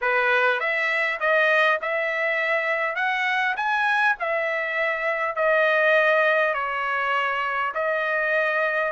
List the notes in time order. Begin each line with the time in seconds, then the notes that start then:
0.01 B4
0.59 E5
1.20 D#5
1.81 E5
2.95 F#5
3.56 G#5
4.19 E5
5.35 D#5
6.53 C#5
7.74 D#5